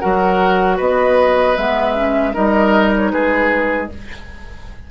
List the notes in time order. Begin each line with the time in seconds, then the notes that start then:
0.00 F#3 F#4 A#4 F#5
0.77 B3 B4 D#5
1.56 G#3 B3 E5
1.95 C#4
2.33 G3 D#4 A#4 D#5
2.96 C#5
3.11 G#3 G#4 B4